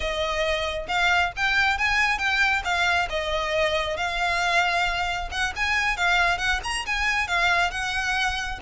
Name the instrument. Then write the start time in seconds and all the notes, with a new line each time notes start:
violin
0.00 D#5
0.88 F5
1.36 G5
1.77 G#5
2.18 G5
2.64 F5
3.09 D#5
3.97 F5
5.31 F#5
5.55 G#5
5.96 F5
6.38 F#5
6.63 A#5
6.85 G#5
7.27 F5
7.70 F#5